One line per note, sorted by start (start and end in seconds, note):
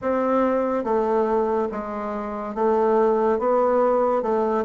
0.01 0.84 C4
0.84 1.68 A3
1.71 2.54 G#3
2.54 3.38 A3
3.38 4.22 B3
4.22 4.64 A3